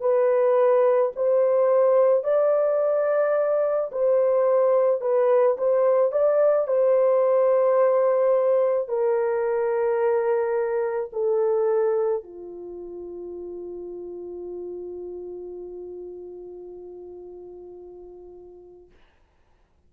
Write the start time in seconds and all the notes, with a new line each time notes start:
0.00 B4
1.16 C5
2.24 D5
3.92 C5
5.01 B4
5.58 C5
6.12 D5
6.68 C5
8.88 A#4
11.13 A4
12.24 F4